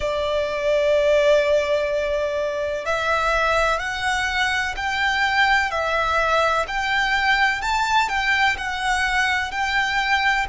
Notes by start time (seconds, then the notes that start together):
0.00 D5
2.85 E5
3.79 F#5
4.76 G5
5.71 E5
6.67 G5
7.61 A5
8.09 G5
8.57 F#5
9.51 G5